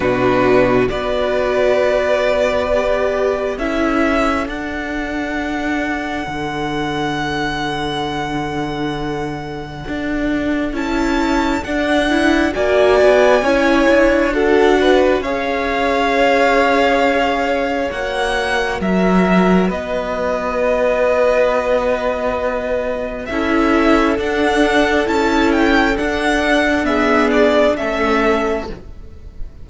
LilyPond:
<<
  \new Staff \with { instrumentName = "violin" } { \time 4/4 \tempo 4 = 67 b'4 d''2. | e''4 fis''2.~ | fis''1 | a''4 fis''4 gis''2 |
fis''4 f''2. | fis''4 e''4 dis''2~ | dis''2 e''4 fis''4 | a''8 g''8 fis''4 e''8 d''8 e''4 | }
  \new Staff \with { instrumentName = "violin" } { \time 4/4 fis'4 b'2. | a'1~ | a'1~ | a'2 d''4 cis''4 |
a'8 b'8 cis''2.~ | cis''4 ais'4 b'2~ | b'2 a'2~ | a'2 gis'4 a'4 | }
  \new Staff \with { instrumentName = "viola" } { \time 4/4 d'4 fis'2 g'4 | e'4 d'2.~ | d'1 | e'4 d'8 e'8 fis'4 e'4 |
fis'4 gis'2. | fis'1~ | fis'2 e'4 d'4 | e'4 d'4 b4 cis'4 | }
  \new Staff \with { instrumentName = "cello" } { \time 4/4 b,4 b2. | cis'4 d'2 d4~ | d2. d'4 | cis'4 d'4 ais8 b8 cis'8 d'8~ |
d'4 cis'2. | ais4 fis4 b2~ | b2 cis'4 d'4 | cis'4 d'2 a4 | }
>>